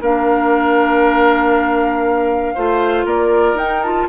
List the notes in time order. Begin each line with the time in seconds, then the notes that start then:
0.00 A#3 D4 A#4 F5
2.54 A3 F4 C5
3.05 A#3 A#4 D5
3.53 D#4 G5
3.82 F4 A5